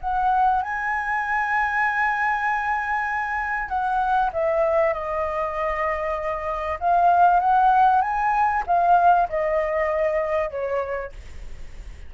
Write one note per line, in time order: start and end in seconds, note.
0.00 0.62 F#5
0.62 3.68 G#5
3.68 4.30 F#5
4.33 4.93 E5
4.93 6.79 D#5
6.80 7.40 F5
7.40 8.01 F#5
8.01 8.63 G#5
8.66 9.28 F5
9.29 10.50 D#5
10.50 11.12 C#5